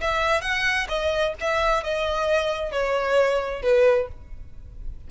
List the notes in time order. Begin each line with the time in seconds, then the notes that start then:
0.00 E5
0.41 F#5
0.88 D#5
1.40 E5
1.83 D#5
2.71 C#5
3.62 B4